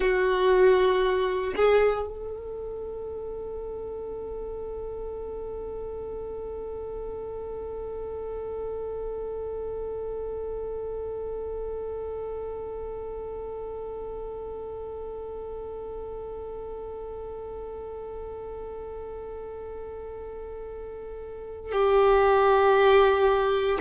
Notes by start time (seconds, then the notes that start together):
0.00 F#4
1.56 G#4
2.07 A4
21.72 G4